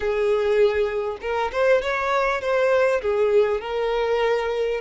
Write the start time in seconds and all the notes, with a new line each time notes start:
0.00 G#4
1.21 A#4
1.52 C5
1.81 C#5
2.41 C5
3.01 G#4
3.60 A#4